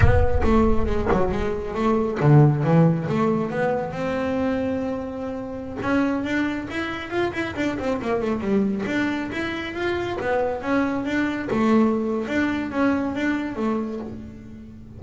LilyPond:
\new Staff \with { instrumentName = "double bass" } { \time 4/4 \tempo 4 = 137 b4 a4 gis8 fis8 gis4 | a4 d4 e4 a4 | b4 c'2.~ | c'4~ c'16 cis'4 d'4 e'8.~ |
e'16 f'8 e'8 d'8 c'8 ais8 a8 g8.~ | g16 d'4 e'4 f'4 b8.~ | b16 cis'4 d'4 a4.~ a16 | d'4 cis'4 d'4 a4 | }